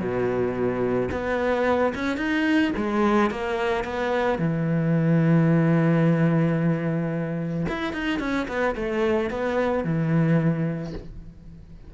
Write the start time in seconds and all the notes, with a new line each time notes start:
0.00 B2
1.12 B3
1.95 C#4
2.17 D#4
2.77 G#3
3.30 A#3
3.84 B3
4.39 E3
7.69 E4
7.93 D#4
8.19 C#4
8.48 B3
8.75 A3
9.30 B3
9.84 E3